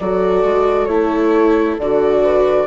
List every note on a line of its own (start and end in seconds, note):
0.00 0.44 F#3
0.00 0.90 F#4
0.00 2.22 A4
0.00 0.86 D5
0.44 0.87 G#3
0.86 1.77 A3
0.86 1.79 E4
0.86 1.75 C#5
1.79 2.67 D3
1.79 2.67 F#4
1.79 2.67 D5
2.22 2.67 B4